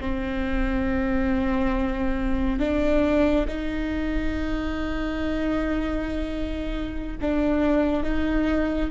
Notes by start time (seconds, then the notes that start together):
0.00 C4
2.59 D4
3.47 D#4
7.21 D4
8.03 D#4